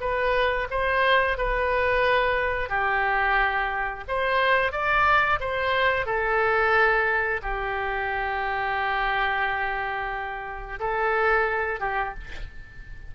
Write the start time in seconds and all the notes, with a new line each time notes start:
0.00 B4
0.70 C5
1.38 B4
2.69 G4
4.08 C5
4.72 D5
5.40 C5
6.06 A4
7.42 G4
10.80 A4
11.80 G4